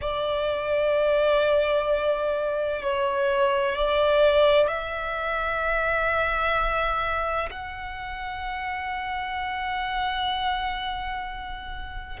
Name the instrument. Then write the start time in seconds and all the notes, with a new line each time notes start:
violin
0.01 D5
2.82 C#5
3.75 D5
4.67 E5
7.50 F#5